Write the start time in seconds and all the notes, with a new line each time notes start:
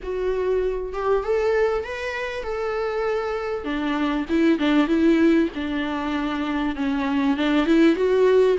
0.02 F#4
0.93 G4
1.23 A4
1.84 B4
2.43 A4
3.64 D4
4.29 E4
4.58 D4
4.87 E4
5.54 D4
6.75 C#4
7.36 D4
7.66 E4
7.95 F#4